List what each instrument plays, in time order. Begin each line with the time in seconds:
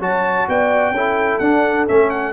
0.00 tuba F#3, trombone F#4, horn C#5, trumpet A5
0.48 tuba B3, horn D5, trumpet G5
0.91 tuba C#4, trombone E4, horn A4
1.39 tuba D4, trombone D4, trumpet F#5
1.88 tuba A3, trombone C#4, trumpet E5
2.10 trumpet F#5